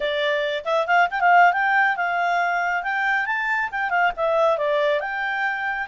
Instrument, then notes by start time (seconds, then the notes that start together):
clarinet
0.00 D5
0.65 E5
0.86 F5
1.10 G5
1.20 F5
1.53 G5
1.96 F5
2.83 G5
3.25 A5
3.71 G5
3.89 F5
4.16 E5
4.57 D5
5.00 G5